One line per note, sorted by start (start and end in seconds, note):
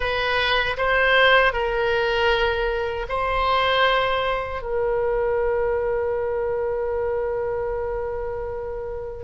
0.00 0.76 B4
0.77 1.52 C5
1.52 3.06 A#4
3.08 4.62 C5
4.62 9.23 A#4